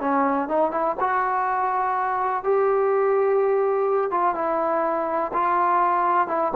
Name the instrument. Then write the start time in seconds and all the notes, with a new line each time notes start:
trombone
0.00 C#4
0.48 D#4
0.71 E4
1.00 F#4
2.44 G4
4.11 F4
4.35 E4
5.33 F4
6.28 E4